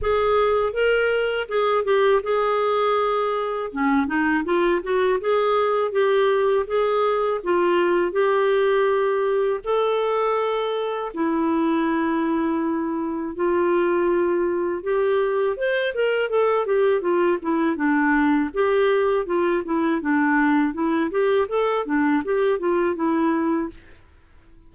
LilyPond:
\new Staff \with { instrumentName = "clarinet" } { \time 4/4 \tempo 4 = 81 gis'4 ais'4 gis'8 g'8 gis'4~ | gis'4 cis'8 dis'8 f'8 fis'8 gis'4 | g'4 gis'4 f'4 g'4~ | g'4 a'2 e'4~ |
e'2 f'2 | g'4 c''8 ais'8 a'8 g'8 f'8 e'8 | d'4 g'4 f'8 e'8 d'4 | e'8 g'8 a'8 d'8 g'8 f'8 e'4 | }